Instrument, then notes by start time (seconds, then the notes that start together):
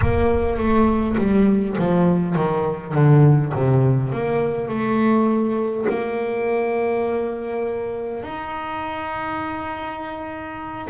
double bass
0.01 A#3
0.57 A3
1.17 G3
1.78 F3
2.35 D#3
2.94 D3
3.54 C3
4.12 A#3
4.68 A3
5.88 A#3
8.22 D#4